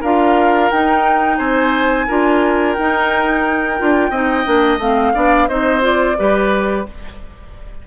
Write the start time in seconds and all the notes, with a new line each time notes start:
0.00 D4 F4 A#4 F5
0.70 D#4 G5
1.37 C4 C5 G#5
2.07 D4 F4 A#4
2.73 D#4 G5
3.78 D4 F4
4.10 C4 D#4 D#5
4.45 A#3 D4
4.78 A3 C4 F5
5.14 B3 D4 D5
5.48 C4 D#4 C5 D#5
5.81 F4 D5
6.17 G3 G4 B4